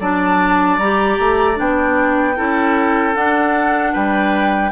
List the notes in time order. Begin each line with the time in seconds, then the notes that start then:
0.00 F#3 D4 D5 A5
0.78 G3 G4 A#5
1.20 A3
1.55 B3 D4 G5
2.36 C#4 E4 A4
3.15 D4 F#5
3.93 G3 B4 G5